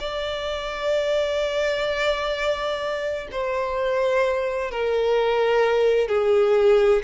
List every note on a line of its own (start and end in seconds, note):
0.00 3.28 D5
3.32 4.71 C5
4.71 6.09 A#4
6.09 7.02 G#4